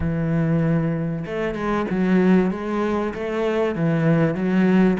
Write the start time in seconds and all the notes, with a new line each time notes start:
0.00 E3
1.26 A3
1.54 G#3
1.90 F#3
2.51 G#3
3.14 A3
3.75 E3
4.34 F#3